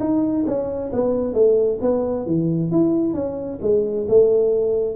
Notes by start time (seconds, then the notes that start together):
0.00 D#4
0.47 C#4
0.92 B3
1.34 A3
1.82 B3
2.26 E3
2.71 E4
3.14 C#4
3.62 G#3
4.08 A3